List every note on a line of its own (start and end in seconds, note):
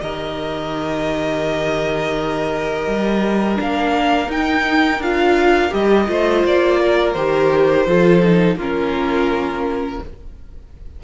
0.00 2.87 D#3
0.00 3.55 G4
0.00 6.09 A#4
0.00 3.57 D#5
2.87 3.58 G3
3.55 4.28 A#3
3.55 4.26 D4
3.55 4.31 F5
4.28 4.98 D#4
4.28 5.01 D#4
4.28 5.02 G5
4.98 5.70 D4
4.98 5.70 F4
4.98 5.73 F5
5.70 6.08 G3
5.70 6.06 G4
5.70 6.45 D#5
6.07 6.44 A3
6.07 7.14 F4
6.07 6.80 C5
6.44 7.15 A#3
6.44 7.13 D5
6.80 7.87 A#4
7.13 7.86 D#3
7.13 7.86 G4
7.13 8.56 C5
7.86 8.56 F3
7.86 8.22 F4
7.86 8.57 A4
8.23 8.58 D#4
8.56 9.99 A#3
8.56 10.02 C#4
8.56 10.00 F4
8.56 10.03 A#4